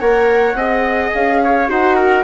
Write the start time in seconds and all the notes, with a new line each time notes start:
0.00 A#3 A#4 C#5 F#5
0.54 C4 G#4 D#5
1.14 C#4 F5
1.44 C#5
1.68 D#4 F#4 C5 F#5
1.96 A#4